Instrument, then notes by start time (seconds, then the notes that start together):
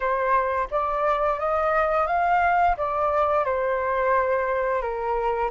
flute
0.00 C5
0.70 D5
1.39 D#5
2.07 F5
2.77 D5
3.44 C5
4.81 A#4